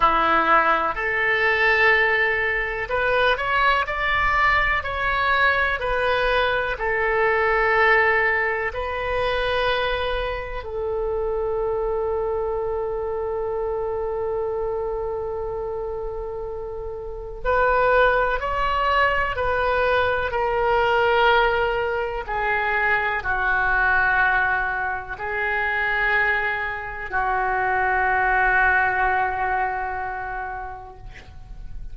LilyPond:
\new Staff \with { instrumentName = "oboe" } { \time 4/4 \tempo 4 = 62 e'4 a'2 b'8 cis''8 | d''4 cis''4 b'4 a'4~ | a'4 b'2 a'4~ | a'1~ |
a'2 b'4 cis''4 | b'4 ais'2 gis'4 | fis'2 gis'2 | fis'1 | }